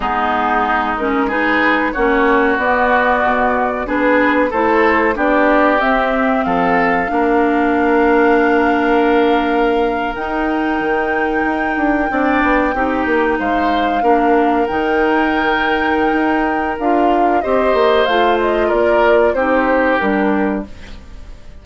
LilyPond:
<<
  \new Staff \with { instrumentName = "flute" } { \time 4/4 \tempo 4 = 93 gis'4. ais'8 b'4 cis''4 | d''2 b'4 c''4 | d''4 e''4 f''2~ | f''2.~ f''8. g''16~ |
g''1~ | g''8. f''2 g''4~ g''16~ | g''2 f''4 dis''4 | f''8 dis''8 d''4 c''4 ais'4 | }
  \new Staff \with { instrumentName = "oboe" } { \time 4/4 dis'2 gis'4 fis'4~ | fis'2 gis'4 a'4 | g'2 a'4 ais'4~ | ais'1~ |
ais'2~ ais'8. d''4 g'16~ | g'8. c''4 ais'2~ ais'16~ | ais'2. c''4~ | c''4 ais'4 g'2 | }
  \new Staff \with { instrumentName = "clarinet" } { \time 4/4 b4. cis'8 dis'4 cis'4 | b2 d'4 e'4 | d'4 c'2 d'4~ | d'2.~ d'8. dis'16~ |
dis'2~ dis'8. d'4 dis'16~ | dis'4.~ dis'16 d'4 dis'4~ dis'16~ | dis'2 f'4 g'4 | f'2 dis'4 d'4 | }
  \new Staff \with { instrumentName = "bassoon" } { \time 4/4 gis2. ais4 | b4 b,4 b4 a4 | b4 c'4 f4 ais4~ | ais2.~ ais8. dis'16~ |
dis'8. dis4 dis'8 d'8 c'8 b8 c'16~ | c'16 ais8 gis4 ais4 dis4~ dis16~ | dis4 dis'4 d'4 c'8 ais8 | a4 ais4 c'4 g4 | }
>>